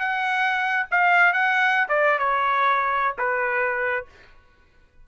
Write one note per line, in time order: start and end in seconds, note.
0.00 0.87 F#5
0.92 1.34 F5
1.34 1.88 F#5
1.89 2.19 D5
2.19 3.17 C#5
3.19 4.06 B4